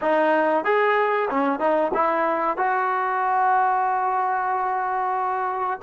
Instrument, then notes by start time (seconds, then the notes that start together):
trombone
0.01 D#4
0.64 G#4
1.30 C#4
1.59 D#4
1.94 E4
2.57 F#4